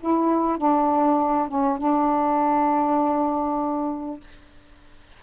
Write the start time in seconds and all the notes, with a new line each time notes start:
0.00 E4
0.57 D4
1.48 C#4
1.77 D4